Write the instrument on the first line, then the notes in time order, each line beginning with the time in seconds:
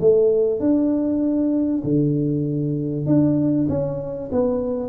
tuba
0.00 A3
0.60 D4
1.84 D3
3.06 D4
3.69 C#4
4.32 B3